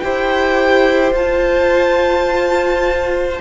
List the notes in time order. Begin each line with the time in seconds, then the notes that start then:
0.00 E4 G4 C5 G5
1.12 F4 A5